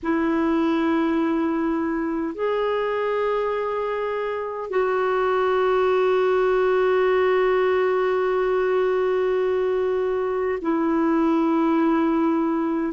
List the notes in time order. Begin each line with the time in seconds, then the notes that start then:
0.03 E4
2.35 G#4
4.70 F#4
10.61 E4